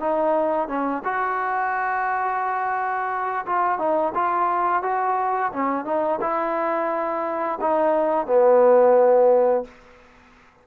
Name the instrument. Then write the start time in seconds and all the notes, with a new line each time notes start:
trombone
0.00 D#4
0.68 C#4
1.04 F#4
3.46 F4
3.79 D#4
4.15 F4
4.83 F#4
5.53 C#4
5.85 D#4
6.21 E4
7.61 D#4
8.27 B3